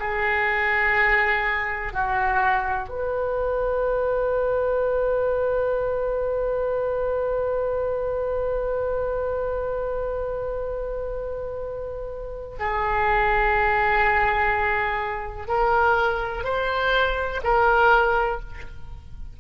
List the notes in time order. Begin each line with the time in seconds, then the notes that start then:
0.00 G#4
1.93 F#4
2.89 B4
12.60 G#4
15.48 A#4
16.44 C5
17.44 A#4